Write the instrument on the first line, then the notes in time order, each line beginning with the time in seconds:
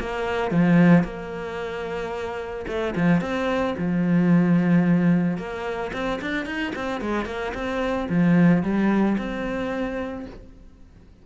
cello
0.00 A#3
0.51 F3
1.04 A#3
2.68 A3
2.96 F3
3.21 C4
3.78 F3
5.37 A#3
5.93 C4
6.21 D4
6.46 D#4
6.75 C4
7.01 G#3
7.26 A#3
7.54 C4
8.10 F3
8.63 G3
9.18 C4